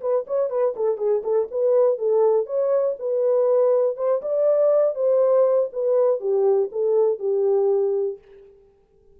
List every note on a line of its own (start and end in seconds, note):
0.00 0.25 B4
0.27 0.49 C#5
0.49 0.74 B4
0.76 0.97 A4
0.97 1.22 G#4
1.23 1.48 A4
1.51 1.98 B4
1.98 2.46 A4
2.46 2.95 C#5
2.98 3.96 B4
3.96 4.21 C5
4.21 4.94 D5
4.94 5.69 C5
5.72 6.20 B4
6.20 6.69 G4
6.71 7.19 A4
7.19 8.18 G4